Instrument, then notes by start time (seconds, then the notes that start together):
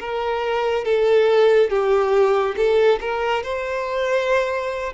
violin
0.00 A#4
0.85 A4
1.70 G4
2.57 A4
3.01 A#4
3.43 C5